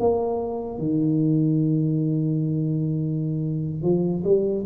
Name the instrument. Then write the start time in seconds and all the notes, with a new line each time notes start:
tuba
0.00 A#3
0.79 D#3
3.83 F3
4.24 G3